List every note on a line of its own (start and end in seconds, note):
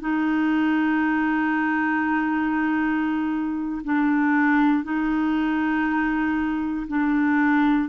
0.00 3.81 D#4
3.84 4.83 D4
4.83 6.86 D#4
6.87 7.88 D4